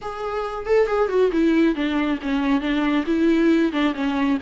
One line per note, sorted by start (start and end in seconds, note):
0.01 0.65 G#4
0.65 0.86 A4
0.86 1.08 G#4
1.08 1.30 F#4
1.31 1.75 E4
1.75 2.19 D4
2.21 2.60 C#4
2.60 3.04 D4
3.06 3.72 E4
3.72 3.94 D4
3.94 4.38 C#4